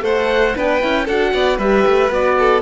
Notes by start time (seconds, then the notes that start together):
0.00 A3 A4 C5 F#5
0.56 B3 D4 B4 G5
0.80 C#4 E4
1.05 D4 F#4 A4 F#5
1.33 B3 D5
1.57 G3 G4 B4 E5
1.86 A3
2.10 B3 F#4 D5
2.39 A4